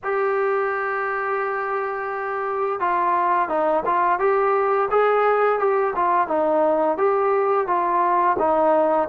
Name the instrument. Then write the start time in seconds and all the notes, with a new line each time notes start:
trombone
0.03 G4
2.79 F4
3.49 D#4
3.85 F4
4.19 G4
4.90 G#4
5.59 G4
5.95 F4
6.27 D#4
6.97 G4
7.67 F4
8.38 D#4